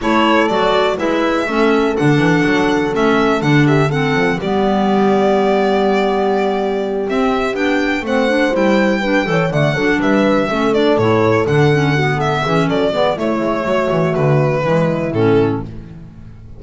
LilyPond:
<<
  \new Staff \with { instrumentName = "violin" } { \time 4/4 \tempo 4 = 123 cis''4 d''4 e''2 | fis''2 e''4 fis''8 e''8 | fis''4 d''2.~ | d''2~ d''8 e''4 g''8~ |
g''8 fis''4 g''2 fis''8~ | fis''8 e''4. d''8 cis''4 fis''8~ | fis''4 e''4 d''4 cis''4~ | cis''4 b'2 a'4 | }
  \new Staff \with { instrumentName = "horn" } { \time 4/4 a'2 b'4 a'4~ | a'2.~ a'8 g'8 | a'4 g'2.~ | g'1~ |
g'8 c''2 b'8 cis''8 d''8 | a'8 b'4 a'2~ a'8~ | a'8 fis'8 a'8 gis'8 a'8 b'8 e'4 | fis'2 e'2 | }
  \new Staff \with { instrumentName = "clarinet" } { \time 4/4 e'4 fis'4 e'4 cis'4 | d'2 cis'4 d'4 | c'4 b2.~ | b2~ b8 c'4 d'8~ |
d'8 c'8 d'8 e'4 d'8 a'8 a8 | d'4. cis'8 d'8 e'4 d'8 | cis'8 b4 cis'4 b8 a4~ | a2 gis4 cis'4 | }
  \new Staff \with { instrumentName = "double bass" } { \time 4/4 a4 fis4 gis4 a4 | d8 e8 fis4 a4 d4~ | d8 f8 g2.~ | g2~ g8 c'4 b8~ |
b8 a4 g4. e8 d8 | fis8 g4 a4 a,4 d8~ | d4. e8 fis8 gis8 a8 gis8 | fis8 e8 d4 e4 a,4 | }
>>